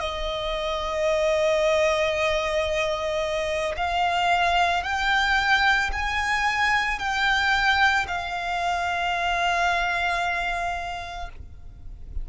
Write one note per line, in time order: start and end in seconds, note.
0.00 3.75 D#5
3.77 4.83 F5
4.83 5.90 G5
5.93 6.99 G#5
6.99 8.06 G5
8.08 11.29 F5